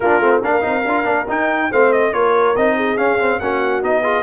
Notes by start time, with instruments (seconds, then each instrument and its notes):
0.00 tuba A#3, trombone D4, horn F4, trumpet A#4
0.19 tuba A3, trombone C4
0.40 tuba A#3, trombone D4, horn A#4, trumpet F5
0.61 tuba C4, trombone D#4
0.84 tuba D4, trombone F4
1.04 tuba A#3, trombone D4
1.28 tuba D#4, trombone D#4, trumpet G5
1.70 tuba A3, trombone C4, horn C5, trumpet F5
1.92 trumpet D#5
2.12 tuba A#3, trombone F4, horn A#4, trumpet C#5
2.56 tuba C4, trombone D#4, trumpet D#5
2.76 horn G#4
2.97 tuba C#4, trombone C#4, trumpet F5
3.19 trombone C4
3.39 tuba A#3, trombone C#4, horn F#4, trumpet F#5
3.82 tuba B3, trombone D#4, trumpet D#5
4.02 trombone F4, horn G#4